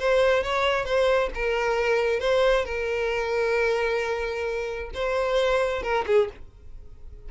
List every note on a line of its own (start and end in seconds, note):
0.00 0.44 C5
0.44 0.85 C#5
0.85 1.30 C5
1.35 2.20 A#4
2.20 2.66 C5
2.66 4.91 A#4
4.95 5.83 C5
5.83 6.06 A#4
6.07 6.30 G#4